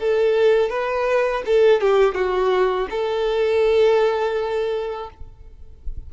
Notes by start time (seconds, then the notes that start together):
0.00 A4
0.70 B4
1.46 A4
1.81 G4
2.15 F#4
2.91 A4